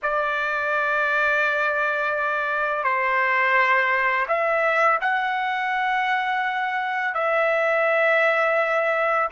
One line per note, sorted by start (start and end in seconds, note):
0.02 2.83 D5
2.83 4.26 C5
4.28 4.99 E5
5.01 7.14 F#5
7.14 9.28 E5